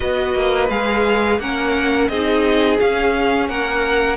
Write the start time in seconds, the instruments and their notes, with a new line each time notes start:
0.00 cello B3, viola F#4, violin B4 D#5
0.35 cello A#3
0.69 cello G#3, viola G#4, violin F5
1.38 cello A#3, viola C#4, violin A#4 F#5
2.08 cello C4, viola D#4, violin G#4 D#5
2.78 viola C#4, cello C#4, violin F5
3.48 cello A#3, violin A#4 F#5